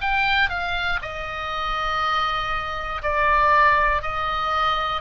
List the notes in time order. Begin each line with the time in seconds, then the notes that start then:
0.00 G5
0.50 F5
1.01 D#5
3.02 D5
4.01 D#5